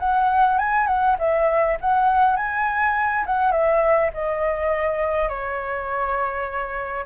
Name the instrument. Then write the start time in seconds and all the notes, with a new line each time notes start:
flute
0.00 F#5
0.59 G#5
0.87 F#5
1.19 E5
1.81 F#5
2.37 G#5
3.26 F#5
3.52 E5
4.14 D#5
5.29 C#5